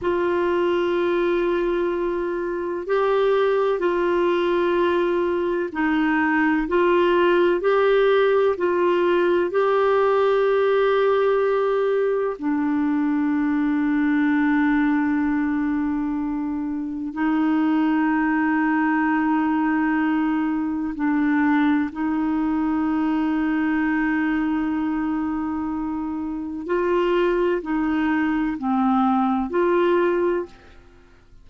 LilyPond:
\new Staff \with { instrumentName = "clarinet" } { \time 4/4 \tempo 4 = 63 f'2. g'4 | f'2 dis'4 f'4 | g'4 f'4 g'2~ | g'4 d'2.~ |
d'2 dis'2~ | dis'2 d'4 dis'4~ | dis'1 | f'4 dis'4 c'4 f'4 | }